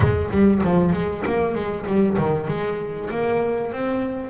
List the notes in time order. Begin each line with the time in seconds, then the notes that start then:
0.00 G#3
0.30 G3
0.63 F3
0.93 G#3
1.26 A#3
1.54 G#3
1.86 G3
2.17 D#3
2.47 G#3
3.10 A#3
3.72 C4